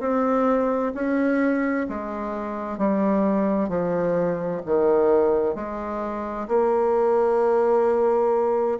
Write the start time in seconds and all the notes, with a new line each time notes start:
0.00 C4
0.94 C#4
1.89 G#3
2.78 G3
3.69 F3
4.66 D#3
5.56 G#3
6.48 A#3